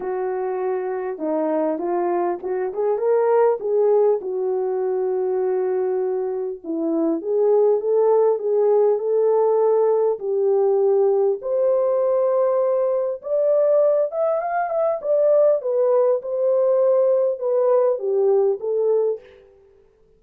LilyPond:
\new Staff \with { instrumentName = "horn" } { \time 4/4 \tempo 4 = 100 fis'2 dis'4 f'4 | fis'8 gis'8 ais'4 gis'4 fis'4~ | fis'2. e'4 | gis'4 a'4 gis'4 a'4~ |
a'4 g'2 c''4~ | c''2 d''4. e''8 | f''8 e''8 d''4 b'4 c''4~ | c''4 b'4 g'4 a'4 | }